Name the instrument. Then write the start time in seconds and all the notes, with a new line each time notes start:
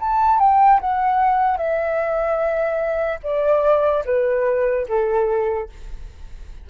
flute
0.00 A5
0.39 G5
0.81 F#5
1.57 E5
3.23 D5
4.05 B4
4.88 A4